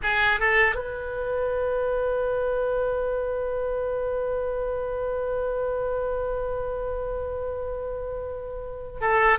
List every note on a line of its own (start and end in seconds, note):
0.02 0.40 G#4
0.40 0.75 A4
0.75 9.00 B4
9.00 9.38 A4